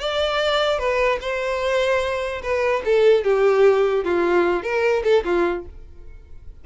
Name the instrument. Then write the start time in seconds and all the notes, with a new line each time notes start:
violin
0.00 D5
0.78 B4
1.21 C5
2.42 B4
2.85 A4
3.24 G4
4.04 F4
4.63 A#4
5.04 A4
5.25 F4